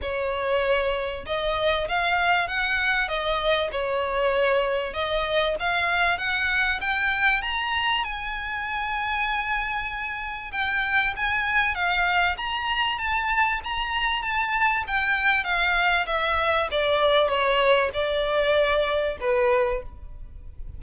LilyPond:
\new Staff \with { instrumentName = "violin" } { \time 4/4 \tempo 4 = 97 cis''2 dis''4 f''4 | fis''4 dis''4 cis''2 | dis''4 f''4 fis''4 g''4 | ais''4 gis''2.~ |
gis''4 g''4 gis''4 f''4 | ais''4 a''4 ais''4 a''4 | g''4 f''4 e''4 d''4 | cis''4 d''2 b'4 | }